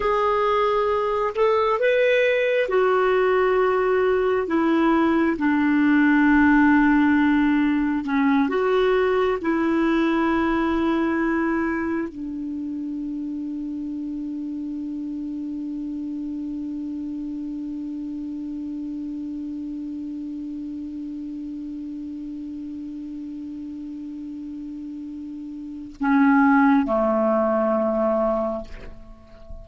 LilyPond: \new Staff \with { instrumentName = "clarinet" } { \time 4/4 \tempo 4 = 67 gis'4. a'8 b'4 fis'4~ | fis'4 e'4 d'2~ | d'4 cis'8 fis'4 e'4.~ | e'4. d'2~ d'8~ |
d'1~ | d'1~ | d'1~ | d'4 cis'4 a2 | }